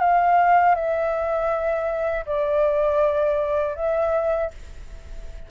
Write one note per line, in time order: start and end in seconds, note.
0.00 0.75 F5
0.75 2.25 E5
2.26 3.76 D5
3.76 4.51 E5